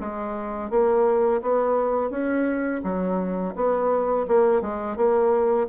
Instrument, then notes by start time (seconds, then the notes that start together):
bassoon
0.00 G#3
0.70 A#3
1.42 B3
2.10 C#4
2.83 F#3
3.55 B3
4.28 A#3
4.61 G#3
4.96 A#3